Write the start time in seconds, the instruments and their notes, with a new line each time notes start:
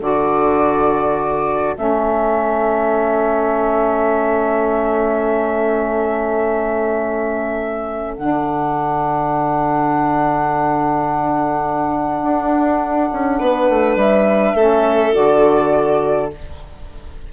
0.00 bassoon D3, saxophone F#4, violin A4, flute D5
1.75 bassoon A3, saxophone C#4, flute E5
8.14 bassoon D3, saxophone D4, flute F#5
12.22 bassoon D4
13.12 bassoon C#4
13.39 bassoon B3, violin B4
13.69 bassoon A3
13.95 bassoon G3, flute E5
14.54 bassoon A3, saxophone C#4, violin A4
15.13 bassoon D3, saxophone F#4, flute D5